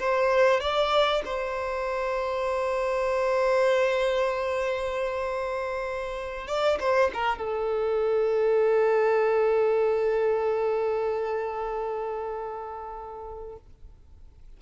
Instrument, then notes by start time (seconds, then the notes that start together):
violin
0.00 C5
0.61 D5
1.26 C5
6.48 D5
6.80 C5
7.14 A#4
7.39 A4